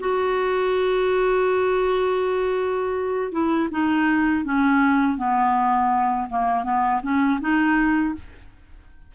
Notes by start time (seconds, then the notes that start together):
0.00 F#4
3.32 E4
3.71 D#4
4.45 C#4
5.18 B3
6.30 A#3
6.64 B3
7.03 C#4
7.40 D#4